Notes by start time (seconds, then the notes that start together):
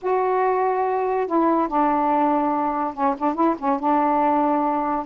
0.02 F#4
1.26 E4
1.68 D4
2.94 C#4
3.18 D4
3.34 E4
3.58 C#4
3.79 D4